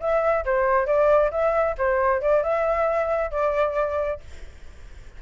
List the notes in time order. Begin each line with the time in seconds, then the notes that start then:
0.00 E5
0.45 C5
0.86 D5
1.31 E5
1.78 C5
2.21 D5
2.43 E5
3.31 D5